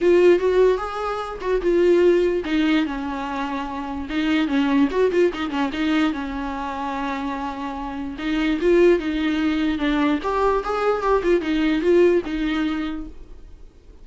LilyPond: \new Staff \with { instrumentName = "viola" } { \time 4/4 \tempo 4 = 147 f'4 fis'4 gis'4. fis'8 | f'2 dis'4 cis'4~ | cis'2 dis'4 cis'4 | fis'8 f'8 dis'8 cis'8 dis'4 cis'4~ |
cis'1 | dis'4 f'4 dis'2 | d'4 g'4 gis'4 g'8 f'8 | dis'4 f'4 dis'2 | }